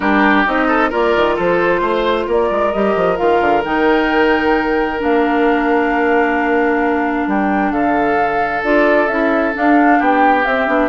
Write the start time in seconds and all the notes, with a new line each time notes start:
0.00 G3 D4 G4 A#4
0.46 C4 D#4 D#5
0.67 A4
0.89 A#3 F4 A#4 D5
1.16 D#3
1.36 F3 A4 C5
1.80 A3 C5
2.27 A#3 A#4 D5
2.50 G#3
2.71 G3 G4 D#5
2.95 F3
3.17 D#3 F4 F5
3.40 D3
3.64 D#3 D#4 G5
4.98 A#3 D4 F5
7.27 G3 G5
7.71 D3 A4 F5
8.63 D4 F4 D5
9.07 C#4 E4 E5
9.53 D4 F5
9.98 B3 G4 G5
10.45 C4 E5
10.66 B3 D4